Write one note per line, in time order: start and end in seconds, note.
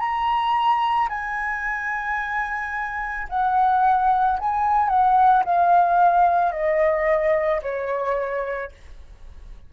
0.00 1.09 A#5
1.10 3.28 G#5
3.30 4.39 F#5
4.39 4.89 G#5
4.89 5.43 F#5
5.45 6.52 F5
6.52 7.61 D#5
7.63 8.72 C#5